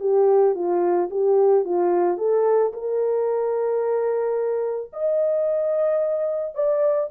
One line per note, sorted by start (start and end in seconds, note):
0.00 0.55 G4
0.55 1.09 F4
1.10 1.65 G4
1.65 2.18 F4
2.18 2.72 A4
2.73 4.91 A#4
4.93 6.55 D#5
6.55 7.09 D5